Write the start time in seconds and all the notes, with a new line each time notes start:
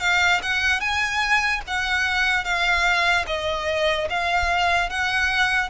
0.00 F5
0.42 F#5
0.80 G#5
1.67 F#5
2.44 F5
3.27 D#5
4.09 F5
4.89 F#5